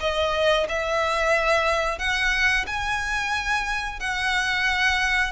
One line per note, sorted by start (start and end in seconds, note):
0.00 0.67 D#5
0.68 1.98 E5
1.98 2.65 F#5
2.66 3.99 G#5
3.99 5.32 F#5